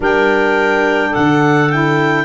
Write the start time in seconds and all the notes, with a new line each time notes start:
0.00 G3 D4 A#4 G5
1.10 D3 A4 F#5
1.70 E4 G5